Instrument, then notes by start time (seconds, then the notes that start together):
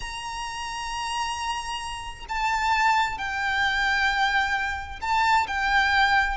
violin
0.00 A#5
2.29 A5
3.18 G5
5.01 A5
5.47 G5